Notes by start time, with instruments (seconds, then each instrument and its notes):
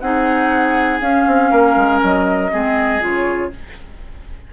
0.00 bassoon C4, clarinet D#4, oboe G#4, flute F#5
1.01 bassoon C#4, clarinet C#4, flute F5
1.27 bassoon C4
1.51 bassoon A#3, oboe A#4
1.76 bassoon G#3
2.03 bassoon F#3, flute D#5
2.51 bassoon G#3, clarinet C4, oboe G#4
3.01 bassoon C#3, clarinet F4, flute C#5